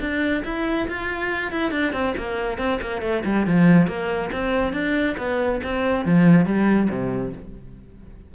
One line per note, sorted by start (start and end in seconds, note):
0.00 0.43 D4
0.45 0.88 E4
0.88 1.52 F4
1.52 1.71 E4
1.71 1.93 D4
1.93 2.14 C4
2.17 2.58 A#3
2.58 2.79 C4
2.82 3.02 A#3
3.02 3.23 A3
3.25 3.46 G3
3.46 3.87 F3
3.87 4.30 A#3
4.32 4.73 C4
4.73 5.16 D4
5.18 5.61 B3
5.63 6.05 C4
6.05 6.46 F3
6.46 6.89 G3
6.89 7.33 C3